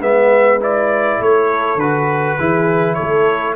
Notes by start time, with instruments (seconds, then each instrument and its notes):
0.00 tuba G#3, trombone B3, horn B4, trumpet E5
0.60 trombone E4, trumpet D5
1.19 tuba A3, horn A4, trumpet C#5
1.75 tuba D3, trombone F#4, trumpet B4
2.38 tuba E3, trombone E4, horn G#4
2.94 horn A4, trumpet C#5
3.01 tuba A3